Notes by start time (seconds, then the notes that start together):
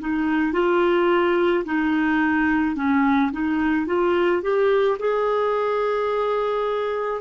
0.00 D#4
0.53 F4
1.65 D#4
2.76 C#4
3.32 D#4
3.86 F4
4.42 G4
4.99 G#4